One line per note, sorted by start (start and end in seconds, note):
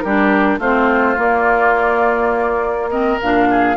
0.00 0.58 G3
0.00 0.61 D4
0.00 0.59 G4
0.00 0.58 A#4
0.58 1.16 A3
0.58 1.16 C4
0.58 2.90 F4
0.58 1.19 C5
1.16 2.89 A#3
1.16 3.19 A#3
1.16 2.89 D5
2.89 3.19 C4
2.89 3.47 A#4
2.89 3.18 D#5
3.21 3.76 A#2
3.21 3.76 D4
3.21 3.76 F5
3.50 3.76 G#4